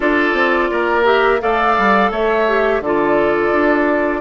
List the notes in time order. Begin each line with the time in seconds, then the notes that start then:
0.00 D4 F4 A4 D5
0.33 C4
0.70 A#3 A#4
1.04 G4 E5
1.40 A3 A4 D5 F5
1.78 G3
2.11 A3 C#5 E5
2.47 G4
2.80 D3 F4 A4 D5
3.52 D4